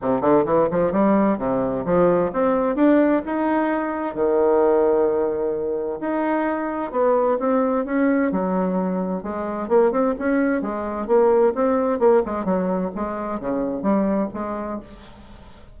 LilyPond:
\new Staff \with { instrumentName = "bassoon" } { \time 4/4 \tempo 4 = 130 c8 d8 e8 f8 g4 c4 | f4 c'4 d'4 dis'4~ | dis'4 dis2.~ | dis4 dis'2 b4 |
c'4 cis'4 fis2 | gis4 ais8 c'8 cis'4 gis4 | ais4 c'4 ais8 gis8 fis4 | gis4 cis4 g4 gis4 | }